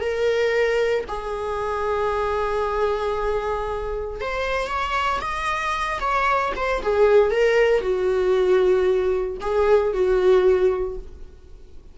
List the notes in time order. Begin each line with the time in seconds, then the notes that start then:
0.00 A#4
1.08 G#4
4.20 C5
4.67 C#5
5.21 D#5
6.00 C#5
6.56 C5
6.82 G#4
7.31 A#4
7.81 F#4
9.41 G#4
9.93 F#4